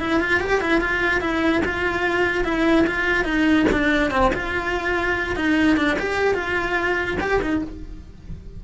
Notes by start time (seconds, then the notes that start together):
0.00 E4
0.21 F4
0.40 G4
0.61 E4
0.81 F4
1.21 E4
1.65 F4
2.45 E4
2.87 F4
3.25 D#4
3.72 D4
4.11 C4
4.34 F4
5.36 D#4
5.77 D4
5.99 G4
6.35 F4
7.21 G4
7.42 D#4